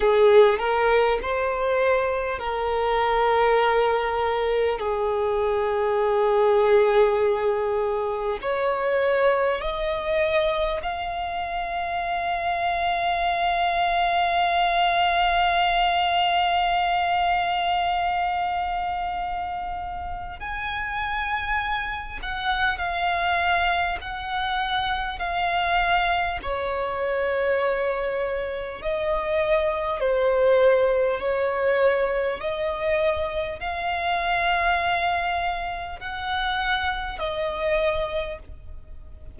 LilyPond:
\new Staff \with { instrumentName = "violin" } { \time 4/4 \tempo 4 = 50 gis'8 ais'8 c''4 ais'2 | gis'2. cis''4 | dis''4 f''2.~ | f''1~ |
f''4 gis''4. fis''8 f''4 | fis''4 f''4 cis''2 | dis''4 c''4 cis''4 dis''4 | f''2 fis''4 dis''4 | }